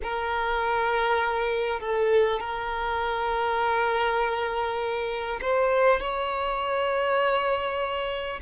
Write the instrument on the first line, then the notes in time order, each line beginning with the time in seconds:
violin
0.02 A#4
1.79 A4
2.40 A#4
5.41 C5
6.00 C#5